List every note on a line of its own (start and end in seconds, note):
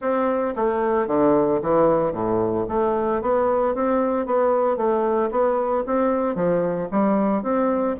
0.01 0.54 C4
0.56 1.07 A3
1.07 1.60 D3
1.61 2.12 E3
2.12 2.65 A2
2.68 3.21 A3
3.21 3.74 B3
3.74 4.26 C4
4.26 4.76 B3
4.76 5.30 A3
5.30 5.84 B3
5.86 6.35 C4
6.35 6.88 F3
6.91 7.42 G3
7.42 7.95 C4